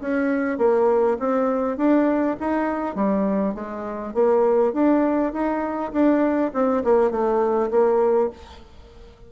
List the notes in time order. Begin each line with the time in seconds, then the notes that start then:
0.00 C#4
0.58 A#3
1.19 C4
1.77 D4
2.40 D#4
2.95 G3
3.54 G#3
4.14 A#3
4.73 D4
5.32 D#4
5.92 D4
6.53 C4
6.84 A#3
7.11 A3
7.70 A#3